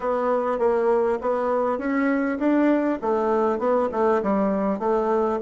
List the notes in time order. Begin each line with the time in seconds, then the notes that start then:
0.00 B3
0.58 A#3
1.21 B3
1.78 C#4
2.38 D4
3.01 A3
3.58 B3
3.91 A3
4.22 G3
4.79 A3